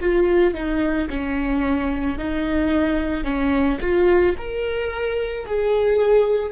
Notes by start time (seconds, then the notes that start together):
0.00 F4
0.54 D#4
1.10 C#4
2.18 D#4
3.24 C#4
3.81 F4
4.37 A#4
5.46 G#4